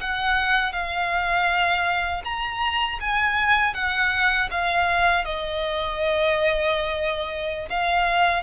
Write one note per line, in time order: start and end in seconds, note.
0.00 0.72 F#5
0.72 2.22 F5
2.24 2.99 A#5
3.00 3.74 G#5
3.74 4.49 F#5
4.51 5.25 F5
5.25 7.68 D#5
7.69 8.42 F5